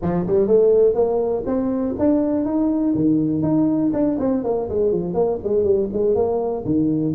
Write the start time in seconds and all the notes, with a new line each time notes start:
0.01 F3
0.26 G3
0.47 A3
0.94 A#3
1.46 C4
1.98 D4
2.45 D#4
2.94 D#3
3.42 D#4
3.93 D4
4.19 C4
4.44 A#3
4.69 G#3
4.92 F3
5.13 A#3
5.43 G#3
5.64 G3
5.93 G#3
6.15 A#3
6.65 D#3